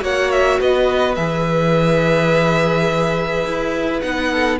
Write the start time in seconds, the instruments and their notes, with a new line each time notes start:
0.00 cello A#3, viola F#4, violin C#5 F#5
0.31 violin E5
0.60 cello B3, violin B4 D#5
1.15 cello E3, viola G#4, violin E5
3.45 cello E4
4.01 cello B3, viola D#4, violin F#5
4.31 violin A4